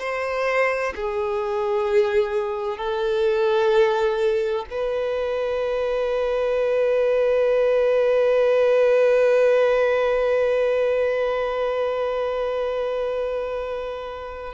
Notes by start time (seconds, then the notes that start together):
0.00 C5
0.96 G#4
2.78 A4
4.70 B4